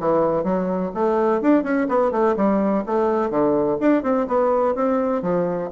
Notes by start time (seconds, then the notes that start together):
0.00 E3
0.44 F#3
0.94 A3
1.42 D4
1.64 C#4
1.89 B3
2.12 A3
2.37 G3
2.86 A3
3.30 D3
3.81 D4
4.03 C4
4.27 B3
4.75 C4
5.22 F3